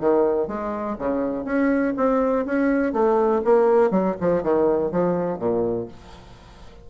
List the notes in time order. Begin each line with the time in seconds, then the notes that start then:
0.00 D#3
0.48 G#3
0.98 C#3
1.45 C#4
1.97 C4
2.45 C#4
2.93 A3
3.44 A#3
3.91 F#3
4.20 F3
4.43 D#3
4.92 F3
5.39 A#2